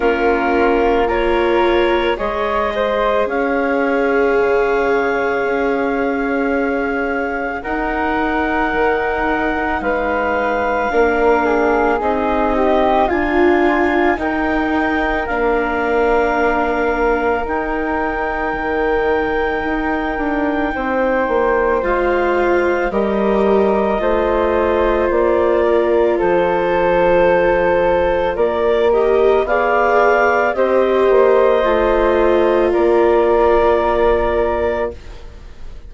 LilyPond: <<
  \new Staff \with { instrumentName = "clarinet" } { \time 4/4 \tempo 4 = 55 ais'4 cis''4 dis''4 f''4~ | f''2. fis''4~ | fis''4 f''2 dis''4 | gis''4 g''4 f''2 |
g''1 | f''4 dis''2 d''4 | c''2 d''8 dis''8 f''4 | dis''2 d''2 | }
  \new Staff \with { instrumentName = "flute" } { \time 4/4 f'4 ais'4 cis''8 c''8 cis''4~ | cis''2. ais'4~ | ais'4 b'4 ais'8 gis'4 g'8 | f'4 ais'2.~ |
ais'2. c''4~ | c''4 ais'4 c''4. ais'8 | a'2 ais'4 d''4 | c''2 ais'2 | }
  \new Staff \with { instrumentName = "viola" } { \time 4/4 cis'4 f'4 gis'2~ | gis'2. dis'4~ | dis'2 d'4 dis'4 | f'4 dis'4 d'2 |
dis'1 | f'4 g'4 f'2~ | f'2~ f'8 g'8 gis'4 | g'4 f'2. | }
  \new Staff \with { instrumentName = "bassoon" } { \time 4/4 ais2 gis4 cis'4 | cis4 cis'2 dis'4 | dis4 gis4 ais4 c'4 | d'4 dis'4 ais2 |
dis'4 dis4 dis'8 d'8 c'8 ais8 | gis4 g4 a4 ais4 | f2 ais4 b4 | c'8 ais8 a4 ais2 | }
>>